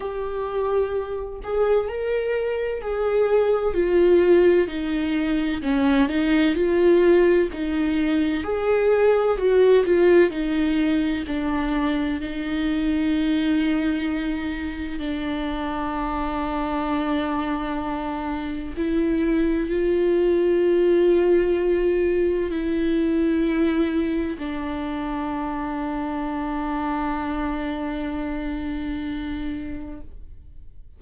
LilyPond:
\new Staff \with { instrumentName = "viola" } { \time 4/4 \tempo 4 = 64 g'4. gis'8 ais'4 gis'4 | f'4 dis'4 cis'8 dis'8 f'4 | dis'4 gis'4 fis'8 f'8 dis'4 | d'4 dis'2. |
d'1 | e'4 f'2. | e'2 d'2~ | d'1 | }